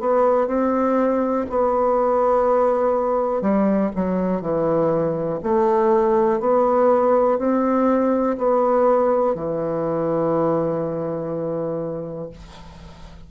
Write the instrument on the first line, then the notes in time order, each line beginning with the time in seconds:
bassoon
0.00 B3
0.47 C4
1.50 B3
3.42 G3
3.96 F#3
4.41 E3
5.43 A3
6.40 B3
7.39 C4
8.38 B3
9.35 E3